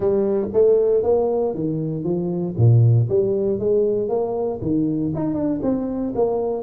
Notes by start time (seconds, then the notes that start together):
0.00 G3
0.53 A3
1.03 A#3
1.54 D#3
2.04 F3
2.57 A#2
3.09 G3
3.59 G#3
4.08 A#3
4.61 D#3
5.14 D#4
5.34 D4
5.62 C4
6.15 A#3